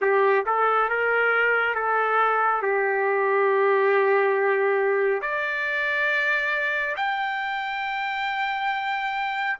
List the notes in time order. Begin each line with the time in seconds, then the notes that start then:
0.01 G4
0.45 A4
0.89 A#4
1.74 A4
2.61 G4
5.21 D5
6.96 G5